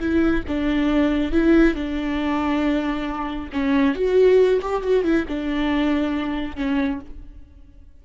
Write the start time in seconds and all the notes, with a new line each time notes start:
0.00 E4
0.48 D4
1.32 E4
1.75 D4
3.53 C#4
3.95 F#4
4.62 G4
4.82 F#4
5.04 E4
5.28 D4
6.56 C#4